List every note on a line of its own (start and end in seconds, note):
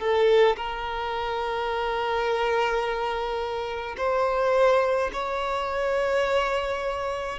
0.00 0.57 A4
0.57 3.96 A#4
3.97 5.10 C5
5.14 7.39 C#5